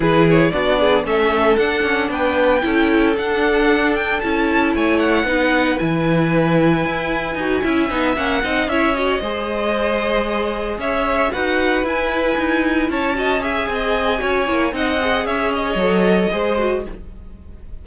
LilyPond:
<<
  \new Staff \with { instrumentName = "violin" } { \time 4/4 \tempo 4 = 114 b'8 cis''8 d''4 e''4 fis''4 | g''2 fis''4. g''8 | a''4 gis''8 fis''4. gis''4~ | gis''2.~ gis''8 fis''8~ |
fis''8 e''8 dis''2.~ | dis''8 e''4 fis''4 gis''4.~ | gis''8 a''4 gis''2~ gis''8 | fis''4 e''8 dis''2~ dis''8 | }
  \new Staff \with { instrumentName = "violin" } { \time 4/4 gis'4 fis'8 gis'8 a'2 | b'4 a'2.~ | a'4 cis''4 b'2~ | b'2~ b'8 e''4. |
dis''8 cis''4 c''2~ c''8~ | c''8 cis''4 b'2~ b'8~ | b'8 cis''8 dis''8 e''8 dis''4 cis''4 | dis''4 cis''2 c''4 | }
  \new Staff \with { instrumentName = "viola" } { \time 4/4 e'4 d'4 cis'4 d'4~ | d'4 e'4 d'2 | e'2 dis'4 e'4~ | e'2 fis'8 e'8 dis'8 cis'8 |
dis'8 e'8 fis'8 gis'2~ gis'8~ | gis'4. fis'4 e'4.~ | e'4 fis'8 gis'4. fis'8 e'8 | dis'8 gis'4. a'4 gis'8 fis'8 | }
  \new Staff \with { instrumentName = "cello" } { \time 4/4 e4 b4 a4 d'8 cis'8 | b4 cis'4 d'2 | cis'4 a4 b4 e4~ | e4 e'4 dis'8 cis'8 b8 ais8 |
c'8 cis'4 gis2~ gis8~ | gis8 cis'4 dis'4 e'4 dis'8~ | dis'8 cis'4. c'4 cis'8 ais8 | c'4 cis'4 fis4 gis4 | }
>>